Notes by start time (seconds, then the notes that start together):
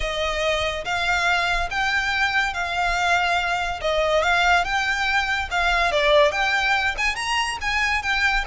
0.00 D#5
0.84 F5
1.70 G5
2.53 F5
3.81 D#5
4.22 F5
4.64 G5
5.50 F5
5.91 D5
6.31 G5
6.97 G#5
7.15 A#5
7.61 G#5
8.02 G5